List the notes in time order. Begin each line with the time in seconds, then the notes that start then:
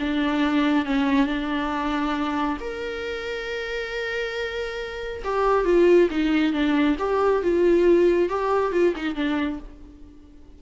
0.00 D4
0.86 C#4
1.27 D4
2.61 A#4
5.25 G4
5.65 F4
6.11 D#4
6.53 D4
6.99 G4
7.43 F4
8.30 G4
8.73 F4
8.96 D#4
9.16 D4